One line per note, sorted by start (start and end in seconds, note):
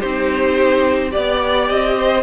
0.00 1.15 C4
0.00 1.11 D#4
0.00 1.11 G4
0.00 1.11 C5
1.11 1.70 B3
1.11 2.22 G4
1.11 1.96 D5
1.11 1.68 D5
1.69 2.23 C4
1.69 2.23 D#5
1.98 2.23 C5